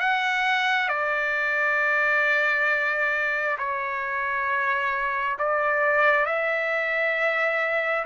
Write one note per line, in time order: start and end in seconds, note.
0.00 0.89 F#5
0.89 3.57 D5
3.59 5.38 C#5
5.39 6.26 D5
6.26 8.05 E5